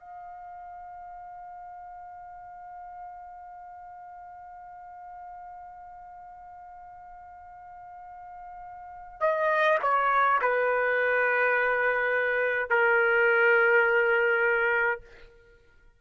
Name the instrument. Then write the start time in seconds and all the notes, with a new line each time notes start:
trumpet
0.00 F5
9.20 D#5
9.82 C#5
10.42 B4
12.70 A#4